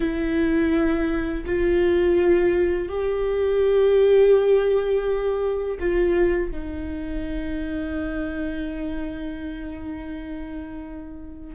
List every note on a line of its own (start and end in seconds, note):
0.00 1.44 E4
1.45 2.88 F4
2.88 5.78 G4
5.79 6.51 F4
6.51 11.55 D#4